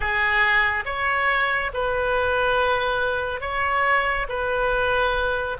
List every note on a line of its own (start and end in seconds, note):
0.00 0.84 G#4
0.85 1.71 C#5
1.73 3.41 B4
3.41 4.26 C#5
4.28 5.57 B4